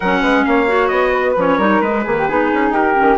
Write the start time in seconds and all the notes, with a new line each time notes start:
0.00 F#3 C#4 A#4 F#5
0.21 G#3 B4
0.45 A#3 C#5 F5
0.67 F#4
0.87 B3 D#5
1.12 B4
1.36 F3 C#4 C#5
1.57 G3 D#4 A#4
1.81 G#3 B4
2.03 D#3 A#3 G#4
2.17 G4
2.28 B3 D#4 G#4
2.53 C#4
2.70 D#4 G4 A#4
2.95 D#3 C#4